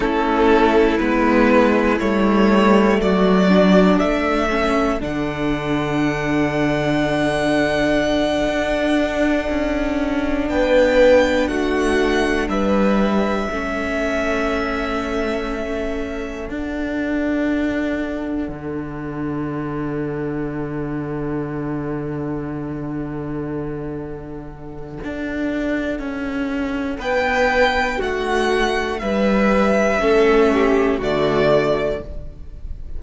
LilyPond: <<
  \new Staff \with { instrumentName = "violin" } { \time 4/4 \tempo 4 = 60 a'4 b'4 cis''4 d''4 | e''4 fis''2.~ | fis''2~ fis''8 g''4 fis''8~ | fis''8 e''2.~ e''8~ |
e''8 fis''2.~ fis''8~ | fis''1~ | fis''2. g''4 | fis''4 e''2 d''4 | }
  \new Staff \with { instrumentName = "violin" } { \time 4/4 e'2. fis'4 | a'1~ | a'2~ a'8 b'4 fis'8~ | fis'8 b'4 a'2~ a'8~ |
a'1~ | a'1~ | a'2. b'4 | fis'4 b'4 a'8 g'8 fis'4 | }
  \new Staff \with { instrumentName = "viola" } { \time 4/4 cis'4 b4 a4. d'8~ | d'8 cis'8 d'2.~ | d'1~ | d'4. cis'2~ cis'8~ |
cis'8 d'2.~ d'8~ | d'1~ | d'1~ | d'2 cis'4 a4 | }
  \new Staff \with { instrumentName = "cello" } { \time 4/4 a4 gis4 g4 fis4 | a4 d2.~ | d8 d'4 cis'4 b4 a8~ | a8 g4 a2~ a8~ |
a8 d'2 d4.~ | d1~ | d4 d'4 cis'4 b4 | a4 g4 a4 d4 | }
>>